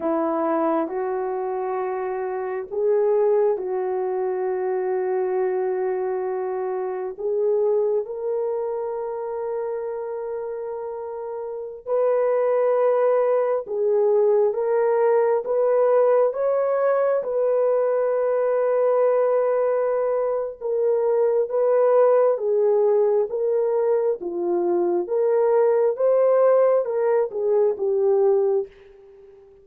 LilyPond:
\new Staff \with { instrumentName = "horn" } { \time 4/4 \tempo 4 = 67 e'4 fis'2 gis'4 | fis'1 | gis'4 ais'2.~ | ais'4~ ais'16 b'2 gis'8.~ |
gis'16 ais'4 b'4 cis''4 b'8.~ | b'2. ais'4 | b'4 gis'4 ais'4 f'4 | ais'4 c''4 ais'8 gis'8 g'4 | }